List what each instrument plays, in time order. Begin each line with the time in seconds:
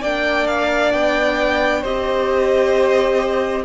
0.00 cello A#3, viola D4, violin D5 G5
0.47 violin F5
0.92 cello B3, violin G5
1.80 cello C4, viola G4, violin C5 D#5